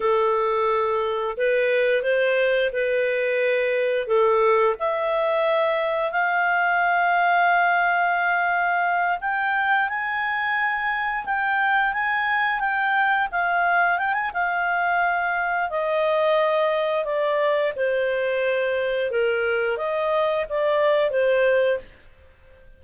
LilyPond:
\new Staff \with { instrumentName = "clarinet" } { \time 4/4 \tempo 4 = 88 a'2 b'4 c''4 | b'2 a'4 e''4~ | e''4 f''2.~ | f''4. g''4 gis''4.~ |
gis''8 g''4 gis''4 g''4 f''8~ | f''8 g''16 gis''16 f''2 dis''4~ | dis''4 d''4 c''2 | ais'4 dis''4 d''4 c''4 | }